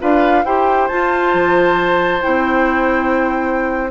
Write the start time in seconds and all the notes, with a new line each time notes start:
0.00 D4 F4 B4 F5
0.45 E4 G4 C5 G5
0.88 F4 A5
1.34 F3
2.21 C4 E4 G5